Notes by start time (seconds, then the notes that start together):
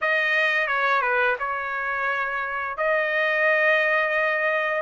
0.01 D#5
0.67 C#5
1.01 B4
1.39 C#5
2.77 D#5